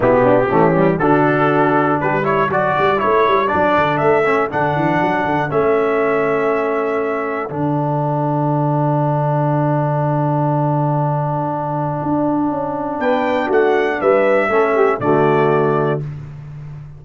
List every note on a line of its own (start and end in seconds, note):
0.00 0.48 B2
0.00 0.48 B3
0.00 0.20 E4
0.00 0.98 G4
0.23 0.48 D4
0.48 0.99 E3
0.48 0.75 A3
0.48 0.98 C#4
0.75 1.00 G3
0.98 1.99 D3
0.98 2.23 D4
0.98 2.01 F#4
0.98 1.98 A4
2.00 2.49 G3
2.00 2.26 G4
2.00 2.25 B4
2.23 2.48 E4
2.23 13.00 A4
2.23 2.50 C#5
2.49 2.74 F#3
2.49 2.97 F#4
2.49 2.99 D5
2.78 3.03 G3
2.97 3.47 E4
2.97 3.47 C#5
3.03 3.27 A3
3.27 3.52 G3
3.47 3.77 F#3
3.47 4.23 D4
3.47 3.97 D5
3.77 4.00 D3
3.97 4.50 A3
3.97 4.47 E5
4.24 4.49 C#4
4.50 4.75 D3
4.50 5.49 D4
4.50 5.50 F#5
4.75 5.00 E3
5.01 5.24 F#3
5.24 5.49 D3
5.49 7.49 A3
5.49 7.49 C#4
5.49 7.50 E5
7.49 11.99 D3
7.49 14.49 D4
7.49 13.00 F#5
12.02 12.50 D4
12.50 12.99 C#4
12.99 13.49 B3
12.99 13.46 B4
12.99 13.50 G5
13.46 13.99 A3
13.46 13.96 F#4
13.46 14.01 F#5
14.01 14.49 G3
14.01 14.51 B4
14.01 15.00 E5
14.49 14.99 A3
14.49 14.99 C#4
14.49 14.75 A4
14.75 15.00 G4
15.00 16.00 D3
15.00 16.00 A3
15.00 16.04 F#4
15.00 16.00 D5